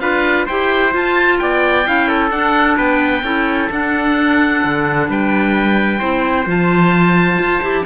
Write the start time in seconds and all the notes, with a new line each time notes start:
0.00 D4 F4 B4 F5
0.45 E4 G4 C5 G5
0.91 F4 A5
1.39 B3 D5 G5
1.85 C#4 E4 F5
2.08 A4
2.30 D4 F#5
2.77 B3 B4 G5
3.22 C#4 E4 A4
3.71 D4 F#5
4.64 D3
5.08 G3 B4 G5
5.99 C4 E4 C5
6.46 F3 F4 A5
7.38 F4
7.62 E4 G4